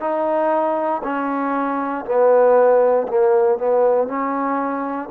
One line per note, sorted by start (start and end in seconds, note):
0.00 1.02 D#4
1.03 2.05 C#4
2.05 3.06 B3
3.07 3.58 A#3
3.58 4.07 B3
4.07 5.09 C#4